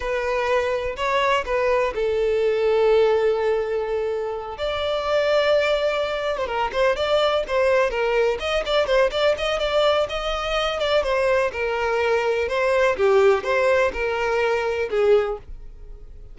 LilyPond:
\new Staff \with { instrumentName = "violin" } { \time 4/4 \tempo 4 = 125 b'2 cis''4 b'4 | a'1~ | a'4. d''2~ d''8~ | d''4~ d''16 c''16 ais'8 c''8 d''4 c''8~ |
c''8 ais'4 dis''8 d''8 c''8 d''8 dis''8 | d''4 dis''4. d''8 c''4 | ais'2 c''4 g'4 | c''4 ais'2 gis'4 | }